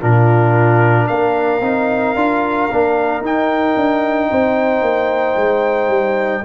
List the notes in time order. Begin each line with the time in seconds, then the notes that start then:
0.00 A#2 D4 F4 A#4
1.06 A#3 A#4 F5
1.60 C4 D#4
2.15 D4 F4
2.71 A#3 D4
3.21 D#4 G5
3.76 D4
4.29 C4 C5
4.81 A#3
5.36 G#3
5.88 G3